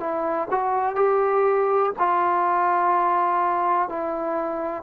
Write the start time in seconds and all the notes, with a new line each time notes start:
0.00 E4
0.51 F#4
0.95 G4
1.99 F4
3.89 E4